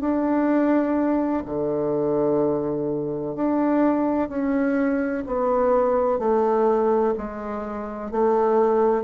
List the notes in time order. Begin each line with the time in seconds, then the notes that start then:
0.00 D4
1.45 D3
3.35 D4
4.29 C#4
5.26 B3
6.19 A3
7.18 G#3
8.11 A3